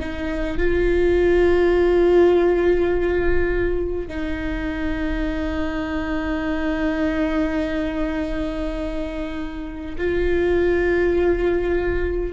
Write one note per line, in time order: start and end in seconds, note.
0.00 0.58 D#4
0.58 4.08 F4
4.08 9.96 D#4
9.98 12.33 F4